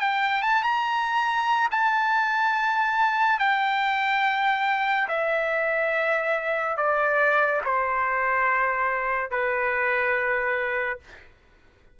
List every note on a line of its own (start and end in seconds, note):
0.00 0.42 G5
0.42 0.63 A5
0.63 1.68 A#5
1.71 3.39 A5
3.39 5.08 G5
5.08 6.77 E5
6.77 7.61 D5
7.64 9.30 C5
9.30 10.99 B4